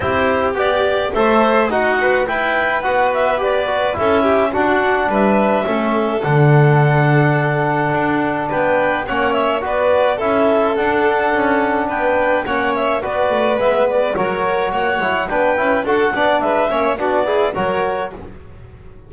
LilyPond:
<<
  \new Staff \with { instrumentName = "clarinet" } { \time 4/4 \tempo 4 = 106 c''4 d''4 e''4 fis''4 | g''4 fis''8 e''8 d''4 e''4 | fis''4 e''2 fis''4~ | fis''2. g''4 |
fis''8 e''8 d''4 e''4 fis''4~ | fis''4 g''4 fis''8 e''8 d''4 | e''8 d''8 cis''4 fis''4 g''4 | fis''4 e''4 d''4 cis''4 | }
  \new Staff \with { instrumentName = "violin" } { \time 4/4 g'2 c''4 fis'4 | b'2. a'8 g'8 | fis'4 b'4 a'2~ | a'2. b'4 |
cis''4 b'4 a'2~ | a'4 b'4 cis''4 b'4~ | b'4 ais'4 cis''4 b'4 | a'8 d''8 b'8 cis''8 fis'8 gis'8 ais'4 | }
  \new Staff \with { instrumentName = "trombone" } { \time 4/4 e'4 g'4 a'4 dis'8 b'8 | e'4 fis'4 g'8 fis'8 e'4 | d'2 cis'4 d'4~ | d'1 |
cis'4 fis'4 e'4 d'4~ | d'2 cis'4 fis'4 | b4 fis'4. e'8 d'8 e'8 | fis'8 d'4 cis'8 d'8 e'8 fis'4 | }
  \new Staff \with { instrumentName = "double bass" } { \time 4/4 c'4 b4 a4 dis'4 | e'4 b2 cis'4 | d'4 g4 a4 d4~ | d2 d'4 b4 |
ais4 b4 cis'4 d'4 | cis'4 b4 ais4 b8 a8 | gis4 fis4 ais8 fis8 b8 cis'8 | d'8 b8 gis8 ais8 b4 fis4 | }
>>